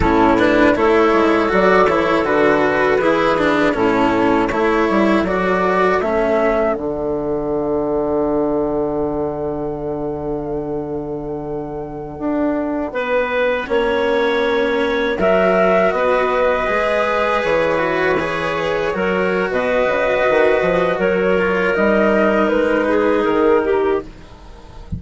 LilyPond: <<
  \new Staff \with { instrumentName = "flute" } { \time 4/4 \tempo 4 = 80 a'8 b'8 cis''4 d''8 cis''8 b'4~ | b'4 a'4 cis''4 d''4 | e''4 fis''2.~ | fis''1~ |
fis''1~ | fis''16 e''4 dis''2 cis''8.~ | cis''2 dis''2 | cis''4 dis''4 b'4 ais'4 | }
  \new Staff \with { instrumentName = "clarinet" } { \time 4/4 e'4 a'2. | gis'4 e'4 a'2~ | a'1~ | a'1~ |
a'4~ a'16 b'4 cis''4.~ cis''16~ | cis''16 ais'4 b'2~ b'8.~ | b'4~ b'16 ais'8. b'2 | ais'2~ ais'8 gis'4 g'8 | }
  \new Staff \with { instrumentName = "cello" } { \time 4/4 cis'8 d'8 e'4 fis'8 e'8 fis'4 | e'8 d'8 cis'4 e'4 fis'4 | cis'4 d'2.~ | d'1~ |
d'2~ d'16 cis'4.~ cis'16~ | cis'16 fis'2 gis'4. fis'16~ | fis'16 gis'4 fis'2~ fis'8.~ | fis'8 f'8 dis'2. | }
  \new Staff \with { instrumentName = "bassoon" } { \time 4/4 a,4 a8 gis8 fis8 e8 d4 | e4 a,4 a8 g8 fis4 | a4 d2.~ | d1~ |
d16 d'4 b4 ais4.~ ais16~ | ais16 fis4 b4 gis4 e8.~ | e4~ e16 fis8. b,8 cis8 dis8 f8 | fis4 g4 gis4 dis4 | }
>>